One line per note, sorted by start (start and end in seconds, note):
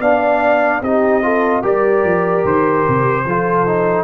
0.00 0.81 B3
0.00 0.83 D4
0.00 0.83 D5
0.00 0.83 F5
0.82 1.63 C4
0.82 1.23 D#4
0.82 1.24 G4
0.82 1.65 D#5
1.23 1.63 F4
1.23 1.62 A4
1.62 2.04 G3
1.62 3.25 G4
1.62 3.25 A#4
1.62 2.46 D5
2.04 2.45 F3
2.45 2.86 D#3
2.45 4.04 C5
2.88 3.26 C3
3.26 4.04 F3
3.26 3.67 F4
3.26 4.04 A4
3.67 4.04 D#4